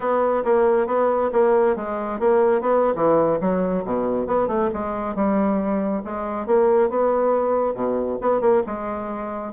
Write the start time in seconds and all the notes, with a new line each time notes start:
0.00 B3
0.44 A#3
0.86 B3
1.32 A#3
1.75 G#3
2.19 A#3
2.61 B3
2.95 E3
3.40 F#3
3.84 B2
4.26 B3
4.47 A3
4.73 G#3
5.15 G3
6.04 G#3
6.46 A#3
6.89 B3
7.74 B2
8.21 B3
8.41 A#3
8.66 G#3